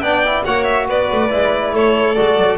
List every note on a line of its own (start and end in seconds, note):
0.00 0.43 B3
0.00 0.25 D4
0.00 0.44 D5
0.00 0.43 G5
0.25 0.46 E4
0.44 0.89 A#3
0.44 1.30 F#4
0.44 0.87 C#5
0.44 0.64 F#5
0.64 0.85 E5
0.88 1.10 B3
0.88 1.74 B4
0.88 1.75 D5
1.12 1.33 A3
1.30 1.73 G#3
1.30 2.15 E4
1.73 2.16 A3
1.73 2.58 A4
1.73 2.15 C#5
2.15 2.37 G#3
2.15 2.58 F#4
2.15 2.57 D5
2.37 2.58 F#3